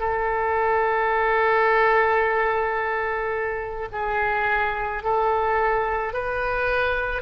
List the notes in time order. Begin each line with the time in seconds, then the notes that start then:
0.00 A4
3.92 G#4
5.04 A4
6.14 B4